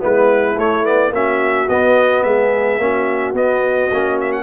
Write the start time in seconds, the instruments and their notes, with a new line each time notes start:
0.00 tuba G#3, trombone B3, horn E4, trumpet B4
0.58 trombone A3, tuba A3, trumpet C#5
0.85 trombone B3, trumpet D5
1.11 tuba A#3, trombone C#4, horn F#4, trumpet E5
1.69 tuba B3, trombone B3, trumpet D#5
2.23 tuba G#3, horn G#4, trumpet E5
2.78 tuba A#3, trombone C#4, horn F#4
3.33 tuba B3, trombone B3, trumpet D#5
3.92 tuba A#3, trombone C#4
4.21 trumpet E5
4.32 trumpet F#5